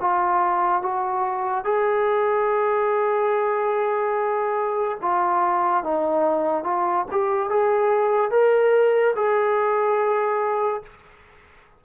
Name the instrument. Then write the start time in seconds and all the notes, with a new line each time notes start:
trombone
0.00 F4
0.82 F#4
1.64 G#4
5.02 F4
5.83 D#4
6.64 F4
7.11 G4
7.50 G#4
8.31 A#4
9.16 G#4